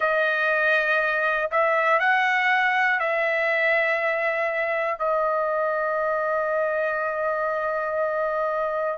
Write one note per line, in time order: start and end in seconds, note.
0.00 1.50 D#5
1.51 2.00 E5
2.00 3.00 F#5
3.00 4.99 E5
4.99 8.98 D#5